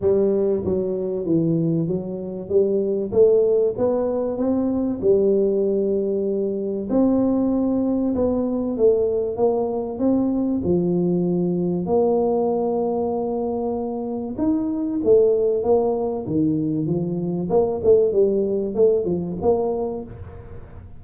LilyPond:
\new Staff \with { instrumentName = "tuba" } { \time 4/4 \tempo 4 = 96 g4 fis4 e4 fis4 | g4 a4 b4 c'4 | g2. c'4~ | c'4 b4 a4 ais4 |
c'4 f2 ais4~ | ais2. dis'4 | a4 ais4 dis4 f4 | ais8 a8 g4 a8 f8 ais4 | }